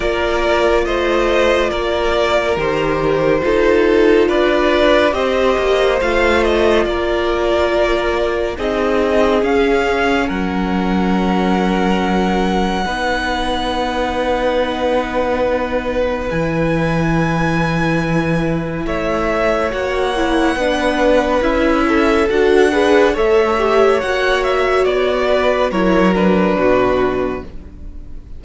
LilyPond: <<
  \new Staff \with { instrumentName = "violin" } { \time 4/4 \tempo 4 = 70 d''4 dis''4 d''4 c''4~ | c''4 d''4 dis''4 f''8 dis''8 | d''2 dis''4 f''4 | fis''1~ |
fis''2. gis''4~ | gis''2 e''4 fis''4~ | fis''4 e''4 fis''4 e''4 | fis''8 e''8 d''4 cis''8 b'4. | }
  \new Staff \with { instrumentName = "violin" } { \time 4/4 ais'4 c''4 ais'2 | a'4 b'4 c''2 | ais'2 gis'2 | ais'2. b'4~ |
b'1~ | b'2 cis''2 | b'4. a'4 b'8 cis''4~ | cis''4. b'8 ais'4 fis'4 | }
  \new Staff \with { instrumentName = "viola" } { \time 4/4 f'2. g'4 | f'2 g'4 f'4~ | f'2 dis'4 cis'4~ | cis'2. dis'4~ |
dis'2. e'4~ | e'2. fis'8 e'8 | d'4 e'4 fis'8 gis'8 a'8 g'8 | fis'2 e'8 d'4. | }
  \new Staff \with { instrumentName = "cello" } { \time 4/4 ais4 a4 ais4 dis4 | dis'4 d'4 c'8 ais8 a4 | ais2 c'4 cis'4 | fis2. b4~ |
b2. e4~ | e2 a4 ais4 | b4 cis'4 d'4 a4 | ais4 b4 fis4 b,4 | }
>>